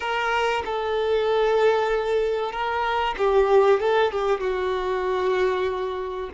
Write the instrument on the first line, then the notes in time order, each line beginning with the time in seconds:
violin
0.00 A#4
0.65 A4
2.51 A#4
3.18 G4
3.80 A4
4.11 G4
4.40 F#4